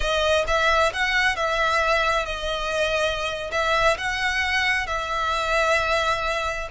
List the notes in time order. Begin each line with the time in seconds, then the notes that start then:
0.00 D#5
0.47 E5
0.93 F#5
1.35 E5
2.25 D#5
3.51 E5
3.97 F#5
4.86 E5